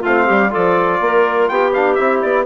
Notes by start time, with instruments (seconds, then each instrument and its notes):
0.00 bassoon A3, clarinet F4, trumpet F5
0.06 trombone C4
0.26 bassoon G3, clarinet G4
0.50 bassoon F3, trombone F4, clarinet A4, trumpet D5
1.01 bassoon A#3, clarinet A#4
1.49 bassoon B3, clarinet G4, trumpet G5
1.74 trombone D4, trumpet F5
1.95 bassoon C4, trombone E4, trumpet E5
2.22 bassoon B3, trumpet D5